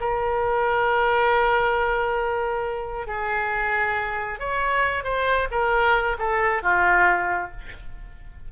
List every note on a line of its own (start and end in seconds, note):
0.00 3.07 A#4
3.07 4.39 G#4
4.39 5.04 C#5
5.04 5.48 C5
5.51 6.17 A#4
6.18 6.62 A4
6.62 7.51 F4